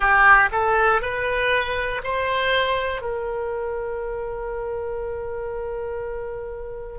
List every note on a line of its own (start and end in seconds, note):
0.00 0.49 G4
0.51 1.01 A4
1.01 2.01 B4
2.03 3.01 C5
3.01 6.98 A#4